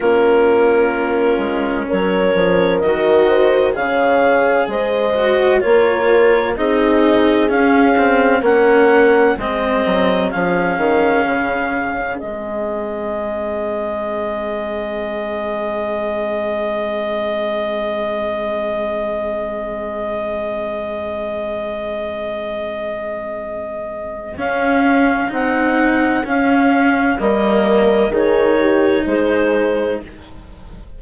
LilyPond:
<<
  \new Staff \with { instrumentName = "clarinet" } { \time 4/4 \tempo 4 = 64 ais'2 cis''4 dis''4 | f''4 dis''4 cis''4 dis''4 | f''4 fis''4 dis''4 f''4~ | f''4 dis''2.~ |
dis''1~ | dis''1~ | dis''2 f''4 fis''4 | f''4 dis''4 cis''4 c''4 | }
  \new Staff \with { instrumentName = "horn" } { \time 4/4 f'2 ais'4. c''8 | cis''4 c''4 ais'4 gis'4~ | gis'4 ais'4 gis'2~ | gis'1~ |
gis'1~ | gis'1~ | gis'1~ | gis'4 ais'4 gis'8 g'8 gis'4 | }
  \new Staff \with { instrumentName = "cello" } { \time 4/4 cis'2. fis'4 | gis'4. fis'8 f'4 dis'4 | cis'8 c'8 cis'4 c'4 cis'4~ | cis'4 c'2.~ |
c'1~ | c'1~ | c'2 cis'4 dis'4 | cis'4 ais4 dis'2 | }
  \new Staff \with { instrumentName = "bassoon" } { \time 4/4 ais4. gis8 fis8 f8 dis4 | cis4 gis4 ais4 c'4 | cis'4 ais4 gis8 fis8 f8 dis8 | cis4 gis2.~ |
gis1~ | gis1~ | gis2 cis'4 c'4 | cis'4 g4 dis4 gis4 | }
>>